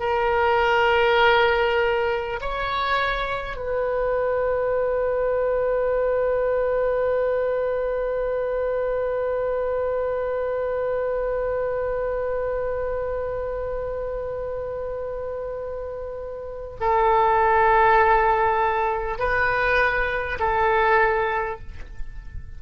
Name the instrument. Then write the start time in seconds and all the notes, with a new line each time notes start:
oboe
0.00 A#4
2.41 C#5
3.57 B4
16.80 A4
19.18 B4
20.39 A4